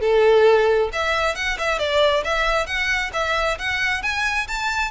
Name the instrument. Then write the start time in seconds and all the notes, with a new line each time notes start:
violin
0.00 A4
0.92 E5
1.35 F#5
1.58 E5
1.78 D5
2.24 E5
2.66 F#5
3.13 E5
3.58 F#5
4.02 G#5
4.48 A5